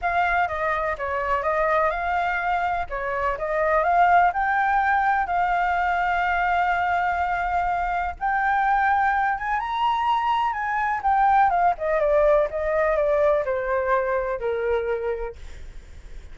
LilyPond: \new Staff \with { instrumentName = "flute" } { \time 4/4 \tempo 4 = 125 f''4 dis''4 cis''4 dis''4 | f''2 cis''4 dis''4 | f''4 g''2 f''4~ | f''1~ |
f''4 g''2~ g''8 gis''8 | ais''2 gis''4 g''4 | f''8 dis''8 d''4 dis''4 d''4 | c''2 ais'2 | }